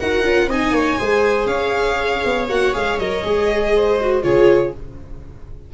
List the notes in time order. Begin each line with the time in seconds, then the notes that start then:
0.00 D#4 F#4 A#4 F#5
0.24 C#4 F4
0.47 C4 D#4 D#5 G#5
0.72 A#3 C#5
0.99 G#3 G#4 C5
1.47 C#4 C#5 F5
2.25 B3
2.49 A#3 F#4 F#5
2.74 G#3 G#4 F5
2.99 F#3 A#4 D#5
3.24 G#3 G#4
3.76 C5
4.01 F#4
4.23 C#3 F4 G#4 C#5